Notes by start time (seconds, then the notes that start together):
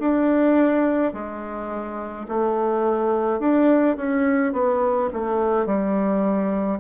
0.00 D4
1.13 G#3
2.28 A3
3.40 D4
3.97 C#4
4.53 B3
5.14 A3
5.66 G3